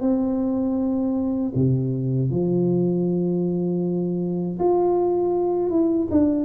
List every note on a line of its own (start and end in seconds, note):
0.00 1.52 C4
1.54 2.30 C3
2.30 4.58 F3
4.59 5.69 F4
5.69 6.07 E4
6.10 6.45 D4